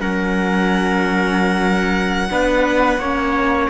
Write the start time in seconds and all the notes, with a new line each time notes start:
0.00 F#3 C#4 A#4 F#5
2.30 B3 D4 B4
2.98 A#3 C#4 C#5